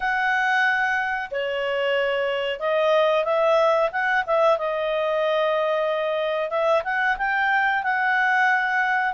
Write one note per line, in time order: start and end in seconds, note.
0.00 1.30 F#5
1.30 2.59 C#5
2.59 3.24 D#5
3.24 3.90 E5
3.91 4.24 F#5
4.26 4.58 E5
4.58 6.50 D#5
6.50 6.82 E5
6.84 7.16 F#5
7.17 7.83 G5
7.83 9.13 F#5